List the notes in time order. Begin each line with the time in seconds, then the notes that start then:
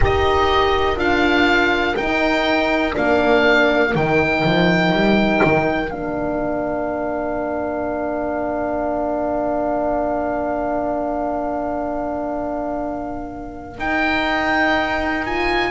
0.00 D#4 G4 A#4 D#5
0.96 D4 F4 F5
1.96 D#4 G5
2.91 A#3 D4 F5
3.91 D#3 D#4 G5
4.44 F3
4.92 G3
5.43 D#3
5.90 A#3 D4 F5
13.77 D#4 G5
15.26 F4 G#5